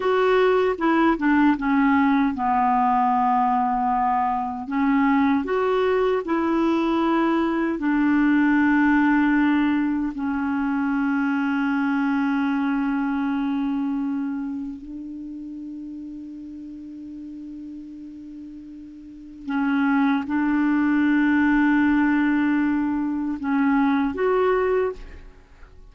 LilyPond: \new Staff \with { instrumentName = "clarinet" } { \time 4/4 \tempo 4 = 77 fis'4 e'8 d'8 cis'4 b4~ | b2 cis'4 fis'4 | e'2 d'2~ | d'4 cis'2.~ |
cis'2. d'4~ | d'1~ | d'4 cis'4 d'2~ | d'2 cis'4 fis'4 | }